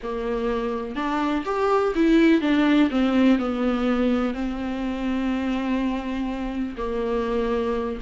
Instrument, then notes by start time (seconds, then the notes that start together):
viola
0.02 A#3
0.95 D4
1.45 G4
1.95 E4
2.41 D4
2.90 C4
3.38 B3
4.34 C4
6.77 A#3